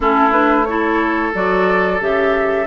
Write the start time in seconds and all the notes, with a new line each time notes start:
0.00 A3 C#4 E4 A4
0.31 D4 B4
0.65 E4 A4 C#5
1.33 F#3 F#4 D5
1.99 C#3 G4 E5